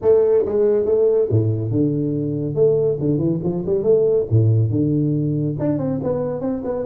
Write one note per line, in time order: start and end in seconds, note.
0.02 0.45 A3
0.45 0.85 G#3
0.85 1.28 A3
1.30 1.71 A2
1.71 2.54 D3
2.54 2.97 A3
2.99 3.18 D3
3.18 3.39 E3
3.43 3.64 F3
3.66 3.83 G3
3.83 4.26 A3
4.30 4.70 A2
4.70 5.56 D3
5.59 5.78 D4
5.78 5.99 C4
6.03 6.41 B3
6.41 6.62 C4
6.64 6.86 B3